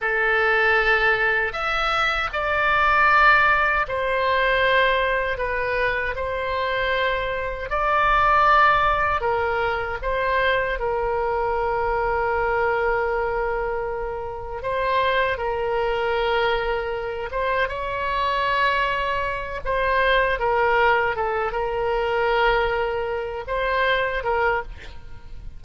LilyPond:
\new Staff \with { instrumentName = "oboe" } { \time 4/4 \tempo 4 = 78 a'2 e''4 d''4~ | d''4 c''2 b'4 | c''2 d''2 | ais'4 c''4 ais'2~ |
ais'2. c''4 | ais'2~ ais'8 c''8 cis''4~ | cis''4. c''4 ais'4 a'8 | ais'2~ ais'8 c''4 ais'8 | }